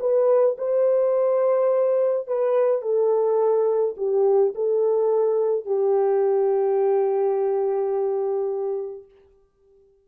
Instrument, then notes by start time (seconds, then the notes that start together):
horn
0.00 B4
0.58 C5
2.27 B4
2.82 A4
3.97 G4
4.55 A4
5.66 G4